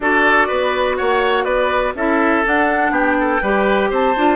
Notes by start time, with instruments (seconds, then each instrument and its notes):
0.00 bassoon D4, clarinet F#4, oboe A4, flute D5
0.47 bassoon B3, oboe B4
0.96 bassoon A#3, oboe C#5, flute F#5
1.44 bassoon B3, oboe B4, flute D5
1.94 bassoon C#4, clarinet E4, oboe A4, flute E5
2.44 clarinet D4, bassoon D4, flute F#5
2.90 bassoon B3, oboe G4, flute G5
3.20 oboe A4
3.41 bassoon G3, clarinet G4, oboe B4
3.90 bassoon C4, oboe C5, flute A5
4.16 bassoon D4, clarinet F4